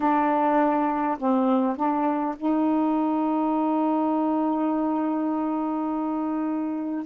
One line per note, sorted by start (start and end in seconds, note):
0.00 1.17 D4
1.18 1.76 C4
1.76 2.35 D4
2.36 7.05 D#4